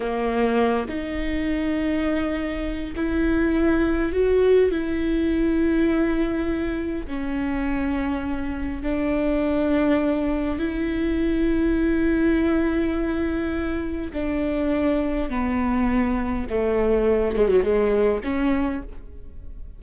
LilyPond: \new Staff \with { instrumentName = "viola" } { \time 4/4 \tempo 4 = 102 ais4. dis'2~ dis'8~ | dis'4 e'2 fis'4 | e'1 | cis'2. d'4~ |
d'2 e'2~ | e'1 | d'2 b2 | a4. gis16 fis16 gis4 cis'4 | }